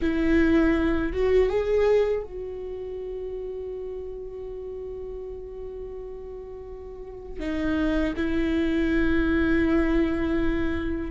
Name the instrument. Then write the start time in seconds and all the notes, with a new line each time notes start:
viola
0.01 E4
1.12 F#4
1.48 G#4
2.23 F#4
7.39 D#4
8.16 E4